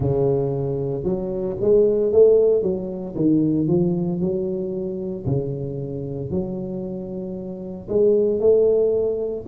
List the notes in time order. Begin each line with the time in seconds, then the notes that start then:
0.00 C#3
1.03 F#3
1.60 G#3
2.12 A3
2.62 F#3
3.15 D#3
3.67 F3
4.20 F#3
5.25 C#3
6.30 F#3
7.89 G#3
8.40 A3